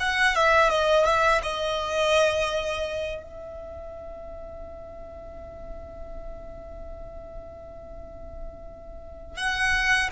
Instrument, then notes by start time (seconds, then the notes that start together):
violin
0.00 F#5
0.35 E5
0.70 D#5
1.05 E5
1.43 D#5
3.23 E5
9.37 F#5